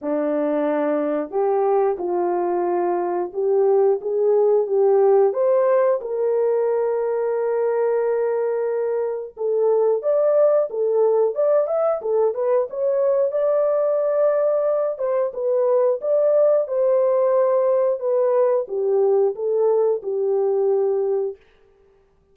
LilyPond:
\new Staff \with { instrumentName = "horn" } { \time 4/4 \tempo 4 = 90 d'2 g'4 f'4~ | f'4 g'4 gis'4 g'4 | c''4 ais'2.~ | ais'2 a'4 d''4 |
a'4 d''8 e''8 a'8 b'8 cis''4 | d''2~ d''8 c''8 b'4 | d''4 c''2 b'4 | g'4 a'4 g'2 | }